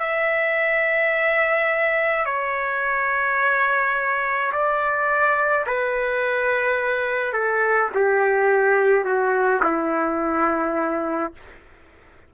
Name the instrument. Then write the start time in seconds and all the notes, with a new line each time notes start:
trumpet
0.00 E5
2.26 C#5
4.53 D5
5.67 B4
7.34 A4
7.96 G4
9.05 F#4
9.64 E4